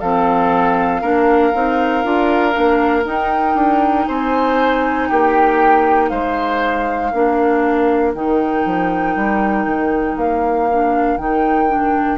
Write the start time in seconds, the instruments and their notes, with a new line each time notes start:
0.00 bassoon F3, clarinet C4, oboe A4, flute F5
1.01 bassoon A#3, clarinet D4, oboe A#4
1.54 bassoon C4, clarinet D#4
2.04 bassoon D4, clarinet F4
2.51 bassoon A#3, clarinet D4
3.05 clarinet D#4, bassoon D#4, flute G5
3.55 bassoon D4
4.07 bassoon C4, oboe C5, flute G#5
5.08 bassoon A#3, oboe G4, flute G5
6.09 bassoon G#3, oboe C5, flute F5
7.12 bassoon A#3, clarinet D4, oboe A#4
8.14 bassoon D#3, clarinet D#4, flute G5
8.65 bassoon F3
9.16 bassoon G3
9.65 bassoon D#3
10.16 bassoon A#3, flute F5
10.71 clarinet D4
11.17 bassoon D#3, clarinet D#4, flute G5
11.69 clarinet D4